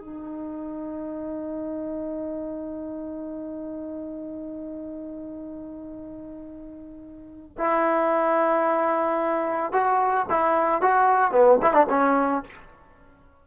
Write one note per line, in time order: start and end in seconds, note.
0.00 7.57 D#4
7.58 9.72 E4
9.72 10.27 F#4
10.30 10.82 E4
10.82 11.32 F#4
11.32 11.59 B3
11.62 11.73 E4
11.73 11.87 D4
11.89 12.43 C#4